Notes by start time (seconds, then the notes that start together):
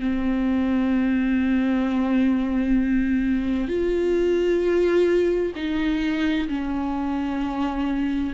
0.00 C4
3.68 F4
5.56 D#4
6.48 C#4